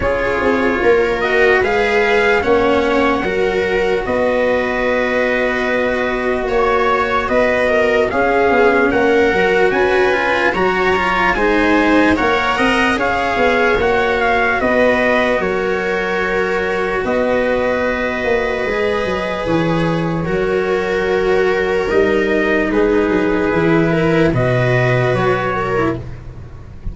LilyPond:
<<
  \new Staff \with { instrumentName = "trumpet" } { \time 4/4 \tempo 4 = 74 cis''4. dis''8 f''4 fis''4~ | fis''4 dis''2. | cis''4 dis''4 f''4 fis''4 | gis''4 ais''4 gis''4 fis''4 |
f''4 fis''8 f''8 dis''4 cis''4~ | cis''4 dis''2. | cis''2. dis''4 | b'2 dis''4 cis''4 | }
  \new Staff \with { instrumentName = "viola" } { \time 4/4 gis'4 ais'4 b'4 cis''4 | ais'4 b'2. | cis''4 b'8 ais'8 gis'4 ais'4 | b'4 cis''4 c''4 cis''8 dis''8 |
cis''2 b'4 ais'4~ | ais'4 b'2.~ | b'4 ais'2. | gis'4. ais'8 b'4. ais'8 | }
  \new Staff \with { instrumentName = "cello" } { \time 4/4 f'4. fis'8 gis'4 cis'4 | fis'1~ | fis'2 cis'4. fis'8~ | fis'8 f'8 fis'8 f'8 dis'4 ais'4 |
gis'4 fis'2.~ | fis'2. gis'4~ | gis'4 fis'2 dis'4~ | dis'4 e'4 fis'4.~ fis'16 e'16 | }
  \new Staff \with { instrumentName = "tuba" } { \time 4/4 cis'8 c'8 ais4 gis4 ais4 | fis4 b2. | ais4 b4 cis'8 b8 ais8 fis8 | cis'4 fis4 gis4 ais8 c'8 |
cis'8 b8 ais4 b4 fis4~ | fis4 b4. ais8 gis8 fis8 | e4 fis2 g4 | gis8 fis8 e4 b,4 fis4 | }
>>